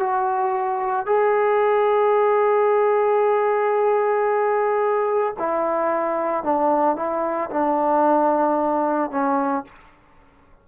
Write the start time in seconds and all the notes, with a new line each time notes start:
0.00 F#4
1.06 G#4
5.39 E4
6.44 D4
6.96 E4
7.50 D4
9.11 C#4